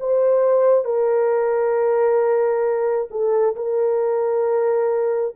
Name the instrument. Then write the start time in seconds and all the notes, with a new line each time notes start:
horn
0.00 C5
0.85 A#4
3.11 A4
3.56 A#4